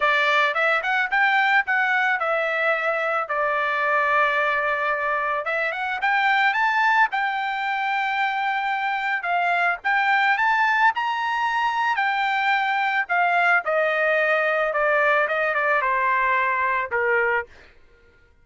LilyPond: \new Staff \with { instrumentName = "trumpet" } { \time 4/4 \tempo 4 = 110 d''4 e''8 fis''8 g''4 fis''4 | e''2 d''2~ | d''2 e''8 fis''8 g''4 | a''4 g''2.~ |
g''4 f''4 g''4 a''4 | ais''2 g''2 | f''4 dis''2 d''4 | dis''8 d''8 c''2 ais'4 | }